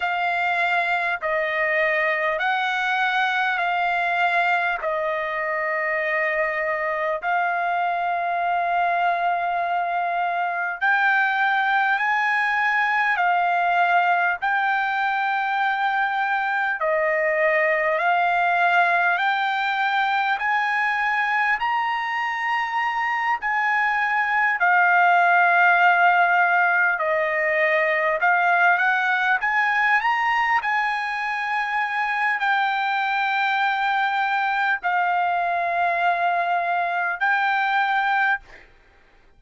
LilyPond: \new Staff \with { instrumentName = "trumpet" } { \time 4/4 \tempo 4 = 50 f''4 dis''4 fis''4 f''4 | dis''2 f''2~ | f''4 g''4 gis''4 f''4 | g''2 dis''4 f''4 |
g''4 gis''4 ais''4. gis''8~ | gis''8 f''2 dis''4 f''8 | fis''8 gis''8 ais''8 gis''4. g''4~ | g''4 f''2 g''4 | }